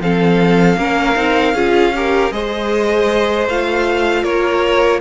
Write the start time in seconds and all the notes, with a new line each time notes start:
0.00 F3 C4 A4 F5
0.77 A#3 C#4 A#4
1.15 C4 D#4
1.54 C#4 F4 G#4
1.95 G4 A#4
2.32 G#3 G#4 C5 D#5
3.47 A3 F4 F5
4.23 A#3 A#4 C#5